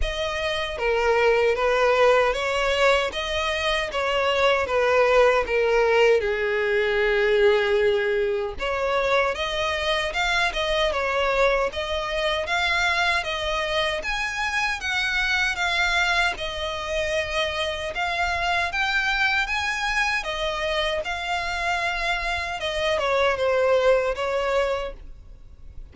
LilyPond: \new Staff \with { instrumentName = "violin" } { \time 4/4 \tempo 4 = 77 dis''4 ais'4 b'4 cis''4 | dis''4 cis''4 b'4 ais'4 | gis'2. cis''4 | dis''4 f''8 dis''8 cis''4 dis''4 |
f''4 dis''4 gis''4 fis''4 | f''4 dis''2 f''4 | g''4 gis''4 dis''4 f''4~ | f''4 dis''8 cis''8 c''4 cis''4 | }